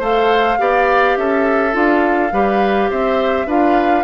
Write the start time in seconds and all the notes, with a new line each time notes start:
0.00 A3 A4 C5 F5
0.58 B3 G4 D5
1.17 C#4 A4 E5
1.72 D4 F4 F5
2.32 G3 G4 B4
2.90 C4 C5 E5
3.47 D4 F4 B4 F5